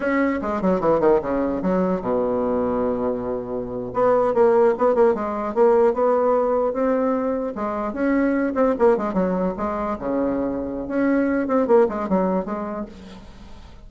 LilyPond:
\new Staff \with { instrumentName = "bassoon" } { \time 4/4 \tempo 4 = 149 cis'4 gis8 fis8 e8 dis8 cis4 | fis4 b,2.~ | b,4.~ b,16 b4 ais4 b16~ | b16 ais8 gis4 ais4 b4~ b16~ |
b8. c'2 gis4 cis'16~ | cis'4~ cis'16 c'8 ais8 gis8 fis4 gis16~ | gis8. cis2~ cis16 cis'4~ | cis'8 c'8 ais8 gis8 fis4 gis4 | }